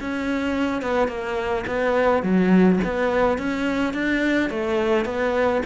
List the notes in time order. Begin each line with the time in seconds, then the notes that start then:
0.00 C#4
0.82 B3
1.08 A#3
1.66 B3
2.22 F#3
2.84 B3
3.38 C#4
3.93 D4
4.49 A3
5.05 B3